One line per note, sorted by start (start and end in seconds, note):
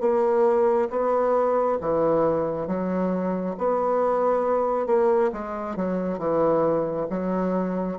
0.00 0.88 A#3
0.89 1.78 B3
1.80 2.67 E3
2.67 3.55 F#3
3.58 4.86 B3
4.86 5.30 A#3
5.32 5.76 G#3
5.76 6.18 F#3
6.18 7.06 E3
7.09 7.98 F#3